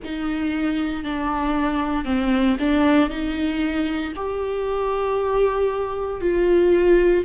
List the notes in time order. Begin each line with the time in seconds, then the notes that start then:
0.03 D#4
1.03 D4
2.05 C4
2.59 D4
3.09 D#4
4.15 G4
6.21 F4